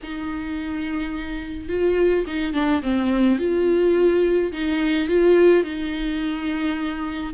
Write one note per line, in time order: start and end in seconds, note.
0.03 1.68 D#4
1.68 2.25 F4
2.26 2.53 D#4
2.53 2.81 D4
2.82 3.39 C4
3.39 4.52 F4
4.52 5.08 D#4
5.08 5.63 F4
5.63 7.33 D#4